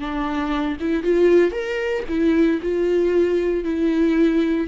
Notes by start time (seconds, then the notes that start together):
0.00 D4
0.80 E4
1.03 F4
1.52 A#4
2.09 E4
2.62 F4
3.64 E4